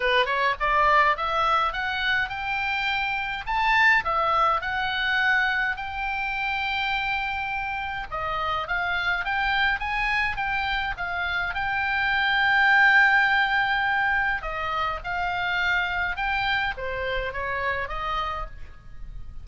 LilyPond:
\new Staff \with { instrumentName = "oboe" } { \time 4/4 \tempo 4 = 104 b'8 cis''8 d''4 e''4 fis''4 | g''2 a''4 e''4 | fis''2 g''2~ | g''2 dis''4 f''4 |
g''4 gis''4 g''4 f''4 | g''1~ | g''4 dis''4 f''2 | g''4 c''4 cis''4 dis''4 | }